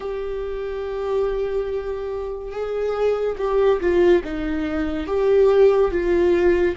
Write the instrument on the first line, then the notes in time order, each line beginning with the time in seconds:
viola
0.00 G4
2.51 G#4
3.37 G4
3.80 F4
4.24 D#4
5.07 G4
5.91 F4